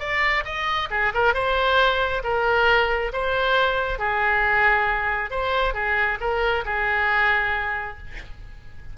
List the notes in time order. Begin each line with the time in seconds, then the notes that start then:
0.00 D5
0.45 D#5
0.91 G#4
1.14 A#4
1.35 C5
2.24 A#4
3.13 C5
3.99 G#4
5.31 C5
5.75 G#4
6.21 A#4
6.66 G#4